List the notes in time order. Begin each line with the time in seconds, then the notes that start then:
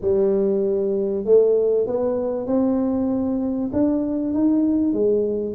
0.01 G3
1.24 A3
1.86 B3
2.46 C4
3.72 D4
4.33 D#4
4.93 G#3